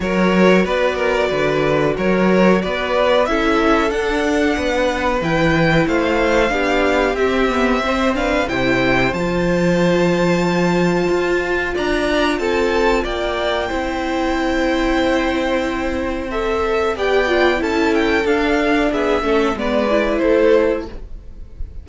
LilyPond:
<<
  \new Staff \with { instrumentName = "violin" } { \time 4/4 \tempo 4 = 92 cis''4 d''2 cis''4 | d''4 e''4 fis''2 | g''4 f''2 e''4~ | e''8 f''8 g''4 a''2~ |
a''2 ais''4 a''4 | g''1~ | g''4 e''4 g''4 a''8 g''8 | f''4 e''4 d''4 c''4 | }
  \new Staff \with { instrumentName = "violin" } { \time 4/4 ais'4 b'8 ais'8 b'4 ais'4 | b'4 a'2 b'4~ | b'4 c''4 g'2 | c''8 b'8 c''2.~ |
c''2 d''4 a'4 | d''4 c''2.~ | c''2 d''4 a'4~ | a'4 gis'8 a'8 b'4 a'4 | }
  \new Staff \with { instrumentName = "viola" } { \time 4/4 fis'1~ | fis'4 e'4 d'2 | e'2 d'4 c'8 b8 | c'8 d'8 e'4 f'2~ |
f'1~ | f'4 e'2.~ | e'4 a'4 g'8 f'8 e'4 | d'4. cis'8 b8 e'4. | }
  \new Staff \with { instrumentName = "cello" } { \time 4/4 fis4 b4 d4 fis4 | b4 cis'4 d'4 b4 | e4 a4 b4 c'4~ | c'4 c4 f2~ |
f4 f'4 d'4 c'4 | ais4 c'2.~ | c'2 b4 cis'4 | d'4 b8 a8 gis4 a4 | }
>>